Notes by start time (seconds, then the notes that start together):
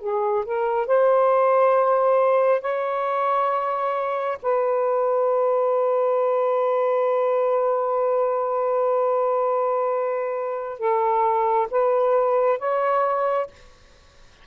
0.00 G#4
0.45 A#4
0.86 C5
2.61 C#5
4.42 B4
10.79 A4
11.71 B4
12.58 C#5